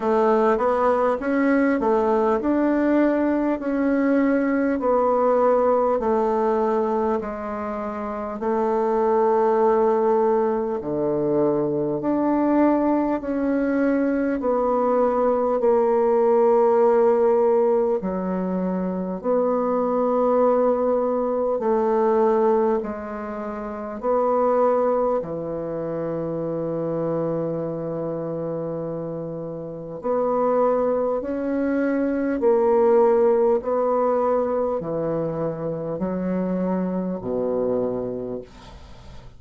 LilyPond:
\new Staff \with { instrumentName = "bassoon" } { \time 4/4 \tempo 4 = 50 a8 b8 cis'8 a8 d'4 cis'4 | b4 a4 gis4 a4~ | a4 d4 d'4 cis'4 | b4 ais2 fis4 |
b2 a4 gis4 | b4 e2.~ | e4 b4 cis'4 ais4 | b4 e4 fis4 b,4 | }